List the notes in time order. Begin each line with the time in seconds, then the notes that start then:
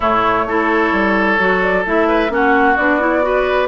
0.00 A2 A3 E4 C#5
0.46 A3 E4 A4
0.91 G3
1.39 F#3 F#4
1.61 D5
1.85 A3 E4 E5
2.07 B4
2.29 A#3 C#4 F#4 F#5
2.76 B3 D4 D5
3.00 E4
3.21 F#4 B4